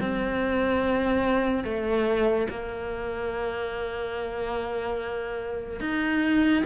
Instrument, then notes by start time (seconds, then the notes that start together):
cello
0.00 C4
1.64 A3
2.50 A#3
5.80 D#4